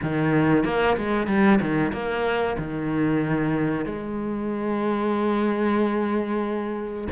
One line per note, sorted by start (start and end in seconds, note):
0.02 0.64 D#3
0.64 0.96 A#3
0.97 1.27 G#3
1.27 1.59 G3
1.61 1.92 D#3
1.92 2.56 A#3
2.58 3.85 D#3
3.85 7.08 G#3